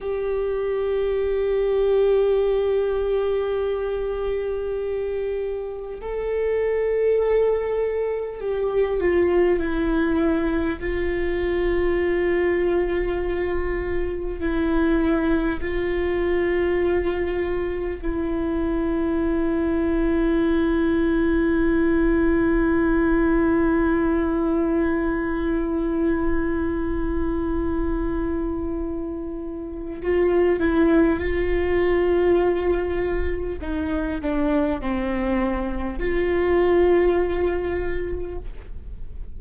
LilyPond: \new Staff \with { instrumentName = "viola" } { \time 4/4 \tempo 4 = 50 g'1~ | g'4 a'2 g'8 f'8 | e'4 f'2. | e'4 f'2 e'4~ |
e'1~ | e'1~ | e'4 f'8 e'8 f'2 | dis'8 d'8 c'4 f'2 | }